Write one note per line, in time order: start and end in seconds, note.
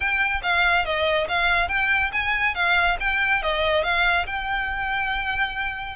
0.00 0.41 G5
0.43 0.85 F5
0.85 1.27 D#5
1.28 1.68 F5
1.68 2.11 G5
2.12 2.54 G#5
2.54 2.97 F5
3.00 3.42 G5
3.42 3.83 D#5
3.83 4.26 F5
4.26 5.96 G5